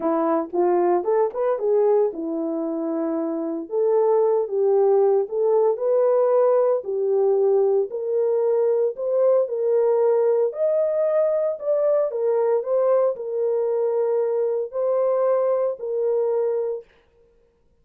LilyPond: \new Staff \with { instrumentName = "horn" } { \time 4/4 \tempo 4 = 114 e'4 f'4 a'8 b'8 gis'4 | e'2. a'4~ | a'8 g'4. a'4 b'4~ | b'4 g'2 ais'4~ |
ais'4 c''4 ais'2 | dis''2 d''4 ais'4 | c''4 ais'2. | c''2 ais'2 | }